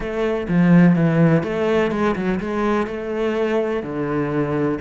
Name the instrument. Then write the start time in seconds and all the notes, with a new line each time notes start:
cello
0.00 A3
0.48 F3
0.95 E3
1.43 A3
1.91 G#3
2.15 F#3
2.40 G#3
2.86 A3
3.82 D3